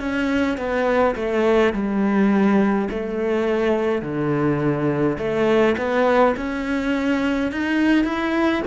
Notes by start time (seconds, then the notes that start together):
0.00 C#4
0.58 B3
1.15 A3
1.73 G3
2.91 A3
4.02 D3
5.19 A3
5.77 B3
6.37 C#4
7.52 D#4
8.05 E4